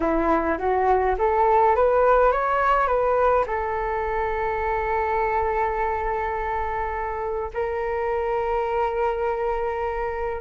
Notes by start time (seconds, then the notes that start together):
0.00 E4
0.57 F#4
1.18 A4
1.75 B4
2.32 C#5
2.87 B4
3.46 A4
7.53 A#4